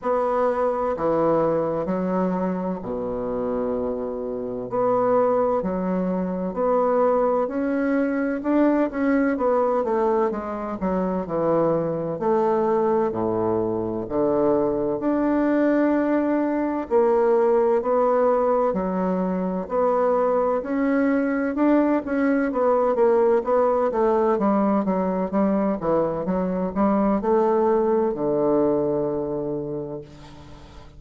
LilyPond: \new Staff \with { instrumentName = "bassoon" } { \time 4/4 \tempo 4 = 64 b4 e4 fis4 b,4~ | b,4 b4 fis4 b4 | cis'4 d'8 cis'8 b8 a8 gis8 fis8 | e4 a4 a,4 d4 |
d'2 ais4 b4 | fis4 b4 cis'4 d'8 cis'8 | b8 ais8 b8 a8 g8 fis8 g8 e8 | fis8 g8 a4 d2 | }